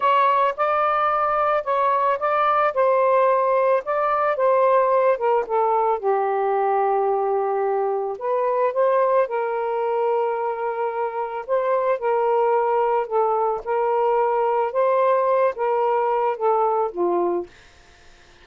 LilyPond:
\new Staff \with { instrumentName = "saxophone" } { \time 4/4 \tempo 4 = 110 cis''4 d''2 cis''4 | d''4 c''2 d''4 | c''4. ais'8 a'4 g'4~ | g'2. b'4 |
c''4 ais'2.~ | ais'4 c''4 ais'2 | a'4 ais'2 c''4~ | c''8 ais'4. a'4 f'4 | }